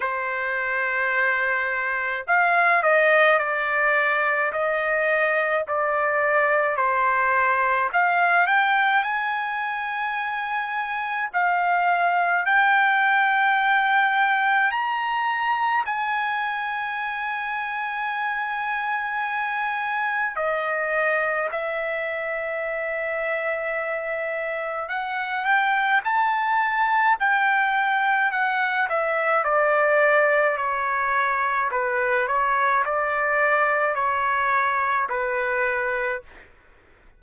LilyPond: \new Staff \with { instrumentName = "trumpet" } { \time 4/4 \tempo 4 = 53 c''2 f''8 dis''8 d''4 | dis''4 d''4 c''4 f''8 g''8 | gis''2 f''4 g''4~ | g''4 ais''4 gis''2~ |
gis''2 dis''4 e''4~ | e''2 fis''8 g''8 a''4 | g''4 fis''8 e''8 d''4 cis''4 | b'8 cis''8 d''4 cis''4 b'4 | }